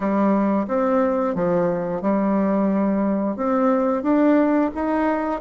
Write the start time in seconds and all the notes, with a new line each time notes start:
0.00 G3
0.67 C4
1.35 F3
2.01 G3
3.36 C4
4.02 D4
4.75 D#4